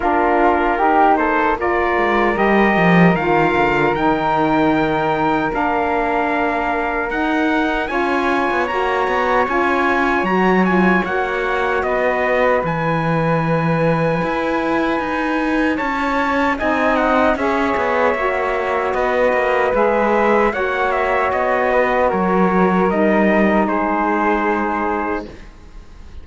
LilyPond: <<
  \new Staff \with { instrumentName = "trumpet" } { \time 4/4 \tempo 4 = 76 ais'4. c''8 d''4 dis''4 | f''4 g''2 f''4~ | f''4 fis''4 gis''4 ais''4 | gis''4 ais''8 gis''8 fis''4 dis''4 |
gis''1 | a''4 gis''8 fis''8 e''2 | dis''4 e''4 fis''8 e''8 dis''4 | cis''4 dis''4 c''2 | }
  \new Staff \with { instrumentName = "flute" } { \time 4/4 f'4 g'8 a'8 ais'2~ | ais'1~ | ais'2 cis''2~ | cis''2. b'4~ |
b'1 | cis''4 dis''4 cis''2 | b'2 cis''4. b'8 | ais'2 gis'2 | }
  \new Staff \with { instrumentName = "saxophone" } { \time 4/4 d'4 dis'4 f'4 g'4 | f'4 dis'2 d'4~ | d'4 dis'4 f'4 fis'4 | f'4 fis'8 f'8 fis'2 |
e'1~ | e'4 dis'4 gis'4 fis'4~ | fis'4 gis'4 fis'2~ | fis'4 dis'2. | }
  \new Staff \with { instrumentName = "cello" } { \time 4/4 ais2~ ais8 gis8 g8 f8 | dis8 d8 dis2 ais4~ | ais4 dis'4 cis'8. b16 ais8 b8 | cis'4 fis4 ais4 b4 |
e2 e'4 dis'4 | cis'4 c'4 cis'8 b8 ais4 | b8 ais8 gis4 ais4 b4 | fis4 g4 gis2 | }
>>